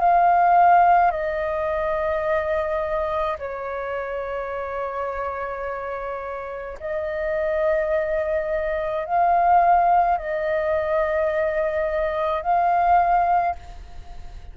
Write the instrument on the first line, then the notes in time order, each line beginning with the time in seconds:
flute
0.00 F5
1.12 D#5
3.39 C#5
6.80 D#5
9.06 F5
10.18 D#5
12.42 F5